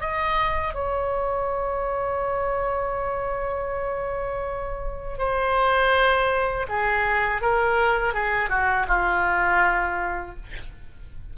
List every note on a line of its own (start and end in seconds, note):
0.00 0.74 D#5
0.74 5.18 C#5
5.18 6.66 C5
6.68 7.41 G#4
7.41 8.13 A#4
8.13 8.49 G#4
8.49 8.86 F#4
8.87 10.36 F4